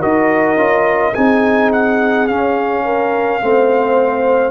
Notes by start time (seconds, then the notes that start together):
0.00 D#4 F#4 A#4 D#5
0.57 C#4 F4
1.14 C4 D#4 G#4 G#5
1.73 F#5
2.27 C#4 F5
2.85 A#4
3.42 A3 C4 C5